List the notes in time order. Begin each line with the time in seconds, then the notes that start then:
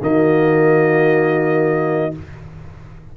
0.00 D#3 A#3 F#4 D#5